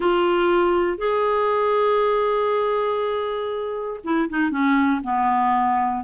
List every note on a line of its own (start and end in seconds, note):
0.00 0.98 F4
0.98 4.00 G#4
4.04 4.29 E4
4.29 4.51 D#4
4.51 5.01 C#4
5.03 6.04 B3